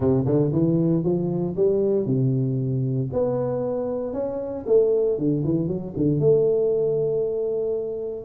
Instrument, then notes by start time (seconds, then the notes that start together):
tuba
0.00 C3
0.25 D3
0.52 E3
1.03 F3
1.56 G3
2.06 C3
3.12 B3
4.13 C#4
4.66 A3
5.17 D3
5.44 E3
5.67 F#3
5.96 D3
6.19 A3